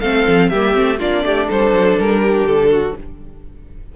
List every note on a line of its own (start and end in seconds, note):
0.00 0.25 A3
0.00 0.52 C4
0.00 0.51 A4
0.00 0.49 F5
0.28 0.52 F3
0.49 0.76 G3
0.49 0.74 A#3
0.49 0.99 G4
0.49 0.97 E5
0.74 1.00 A3
0.74 0.98 C4
0.99 1.24 A#3
0.99 2.94 D4
0.99 1.24 F4
0.99 1.50 D5
1.24 1.48 A3
1.24 1.48 G4
1.48 1.72 G3
1.48 2.21 A4
1.48 1.99 C5
1.72 1.96 F#3
1.99 2.43 G3
1.99 2.47 A#4
2.21 2.70 G4
2.43 2.92 D3
2.43 2.96 A4
2.71 2.95 F#4